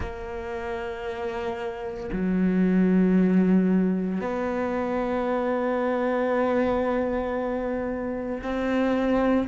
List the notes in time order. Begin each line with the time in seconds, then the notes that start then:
0.00 A#3
2.12 F#3
4.21 B3
8.42 C4